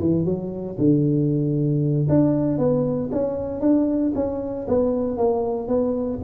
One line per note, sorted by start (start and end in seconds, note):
0.00 0.25 E3
0.25 0.77 F#3
0.78 2.08 D3
2.09 2.58 D4
2.58 3.10 B3
3.12 3.61 C#4
3.61 4.13 D4
4.15 4.67 C#4
4.68 5.18 B3
5.18 5.68 A#3
5.68 6.20 B3